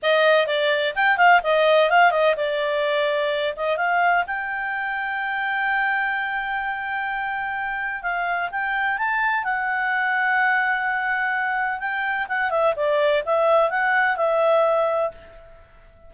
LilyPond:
\new Staff \with { instrumentName = "clarinet" } { \time 4/4 \tempo 4 = 127 dis''4 d''4 g''8 f''8 dis''4 | f''8 dis''8 d''2~ d''8 dis''8 | f''4 g''2.~ | g''1~ |
g''4 f''4 g''4 a''4 | fis''1~ | fis''4 g''4 fis''8 e''8 d''4 | e''4 fis''4 e''2 | }